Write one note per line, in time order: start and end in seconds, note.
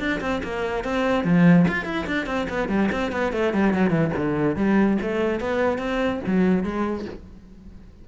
0.00 0.21 D4
0.21 0.42 C4
0.44 0.85 A#3
0.85 1.25 C4
1.25 1.66 F3
1.69 1.85 F4
1.85 2.06 E4
2.07 2.27 D4
2.27 2.48 C4
2.50 2.69 B3
2.69 2.90 G3
2.92 3.12 C4
3.12 3.33 B3
3.33 3.54 A3
3.54 3.74 G3
3.74 3.91 F#3
3.91 4.11 E3
4.17 4.57 D3
4.57 4.98 G3
5.02 5.41 A3
5.41 5.79 B3
5.79 6.20 C4
6.27 6.64 F#3
6.64 7.06 G#3